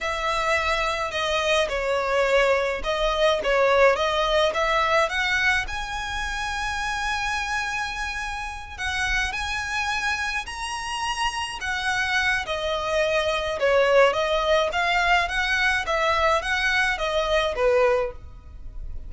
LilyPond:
\new Staff \with { instrumentName = "violin" } { \time 4/4 \tempo 4 = 106 e''2 dis''4 cis''4~ | cis''4 dis''4 cis''4 dis''4 | e''4 fis''4 gis''2~ | gis''2.~ gis''8 fis''8~ |
fis''8 gis''2 ais''4.~ | ais''8 fis''4. dis''2 | cis''4 dis''4 f''4 fis''4 | e''4 fis''4 dis''4 b'4 | }